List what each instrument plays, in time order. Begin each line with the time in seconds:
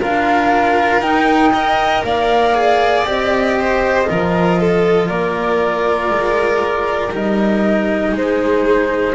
0.00 double bass D4, cello F4, violin A#4, flute F5
1.01 double bass D#4, cello D#4, flute G5
1.53 cello A#4, violin D#5
2.04 double bass A#3, violin D5, flute F5
2.55 cello G#4
3.05 double bass C4, cello G4, flute D#5
3.58 violin C5
4.04 double bass F3, cello F4, violin A#4
4.60 violin A4
5.08 double bass A#3, violin A#4, flute D5
6.11 double bass G#3
7.12 double bass G3, cello D#4, flute D#5
8.12 double bass G#3, violin G#4, flute C5